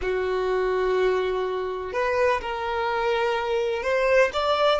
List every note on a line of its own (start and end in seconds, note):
0.01 1.92 F#4
1.92 2.40 B4
2.41 3.82 A#4
3.82 4.30 C5
4.33 4.80 D5